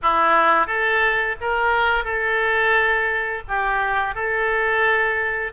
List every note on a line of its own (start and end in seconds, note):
0.02 0.66 E4
0.66 1.35 A4
1.40 2.04 A#4
2.04 3.42 A4
3.47 4.14 G4
4.14 5.52 A4